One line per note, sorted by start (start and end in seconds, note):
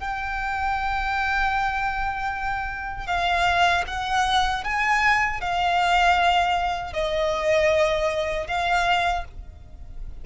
0.00 3.07 G5
3.07 3.84 F5
3.88 4.64 F#5
4.64 5.41 G#5
5.41 6.93 F5
6.93 8.47 D#5
8.48 9.24 F5